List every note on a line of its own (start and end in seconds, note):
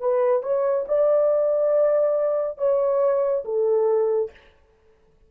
0.00 0.42 B4
0.42 0.85 C#5
0.88 2.58 D5
2.58 3.44 C#5
3.45 4.31 A4